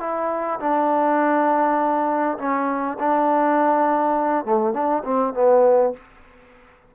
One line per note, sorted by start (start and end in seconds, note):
0.00 0.59 E4
0.60 2.38 D4
2.38 2.98 C#4
2.99 4.45 D4
4.45 4.74 A3
4.74 5.03 D4
5.04 5.34 C4
5.34 5.94 B3